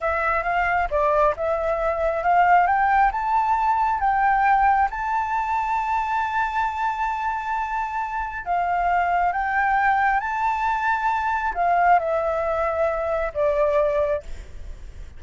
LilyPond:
\new Staff \with { instrumentName = "flute" } { \time 4/4 \tempo 4 = 135 e''4 f''4 d''4 e''4~ | e''4 f''4 g''4 a''4~ | a''4 g''2 a''4~ | a''1~ |
a''2. f''4~ | f''4 g''2 a''4~ | a''2 f''4 e''4~ | e''2 d''2 | }